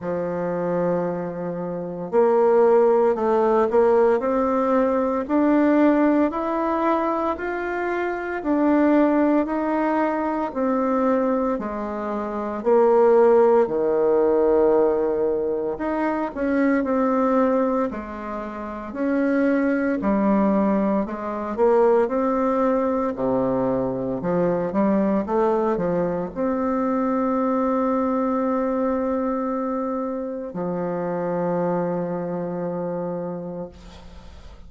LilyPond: \new Staff \with { instrumentName = "bassoon" } { \time 4/4 \tempo 4 = 57 f2 ais4 a8 ais8 | c'4 d'4 e'4 f'4 | d'4 dis'4 c'4 gis4 | ais4 dis2 dis'8 cis'8 |
c'4 gis4 cis'4 g4 | gis8 ais8 c'4 c4 f8 g8 | a8 f8 c'2.~ | c'4 f2. | }